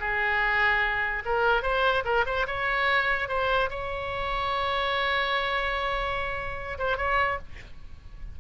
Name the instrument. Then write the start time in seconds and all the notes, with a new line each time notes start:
oboe
0.00 G#4
1.26 A#4
1.63 C5
2.05 A#4
2.26 C5
2.47 C#5
3.29 C5
3.70 C#5
6.79 C5
6.98 C#5